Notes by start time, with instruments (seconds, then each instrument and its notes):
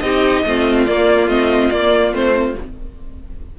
0.00 cello C4, viola D#4, violin G4 D#5
0.46 cello A3, viola C4, violin F4
0.86 cello A#3, viola A#3, violin D5
1.27 cello A3, viola C4, violin D#5
1.70 cello A#3, viola A#3, violin D5
2.12 cello A3, viola C4, violin C5